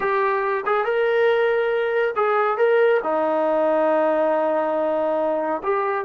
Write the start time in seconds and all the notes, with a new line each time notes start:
0.00 G4
0.66 G#4
0.84 A#4
2.16 G#4
2.57 A#4
3.03 D#4
5.63 G4